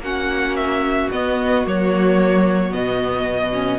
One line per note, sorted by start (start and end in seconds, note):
0.00 1.08 A#3
0.00 1.13 C#4
0.00 3.80 F#4
0.00 0.56 F#5
0.56 1.10 E5
1.12 1.66 B3
1.12 1.66 D#5
1.66 2.74 F#3
1.66 2.71 A#3
1.66 2.73 C#5
2.71 3.80 B2
2.71 3.52 B3
2.71 3.80 D#5
3.54 3.80 C#4